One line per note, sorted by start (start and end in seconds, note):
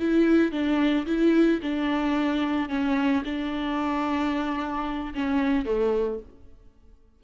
0.00 0.52 E4
0.52 1.06 D4
1.07 1.61 E4
1.62 2.70 D4
2.70 3.24 C#4
3.25 5.14 D4
5.15 5.66 C#4
5.66 6.20 A3